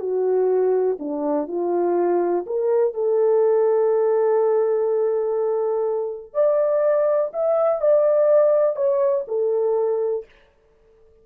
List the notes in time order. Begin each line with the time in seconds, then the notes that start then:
0.00 F#4
0.99 D4
1.48 F4
2.46 A#4
2.94 A4
6.34 D5
7.33 E5
7.82 D5
8.76 C#5
9.28 A4